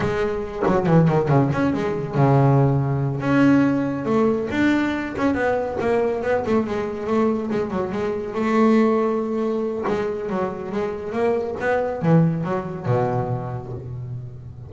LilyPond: \new Staff \with { instrumentName = "double bass" } { \time 4/4 \tempo 4 = 140 gis4. fis8 e8 dis8 cis8 cis'8 | gis4 cis2~ cis8 cis'8~ | cis'4. a4 d'4. | cis'8 b4 ais4 b8 a8 gis8~ |
gis8 a4 gis8 fis8 gis4 a8~ | a2. gis4 | fis4 gis4 ais4 b4 | e4 fis4 b,2 | }